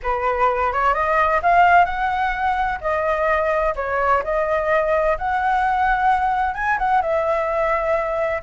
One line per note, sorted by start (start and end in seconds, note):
0.03 0.72 B4
0.72 0.94 C#5
0.94 1.40 D#5
1.42 1.85 F5
1.85 2.79 F#5
2.80 3.74 D#5
3.75 4.22 C#5
4.23 5.17 D#5
5.18 6.54 F#5
6.54 6.78 G#5
6.78 7.01 F#5
7.01 8.42 E5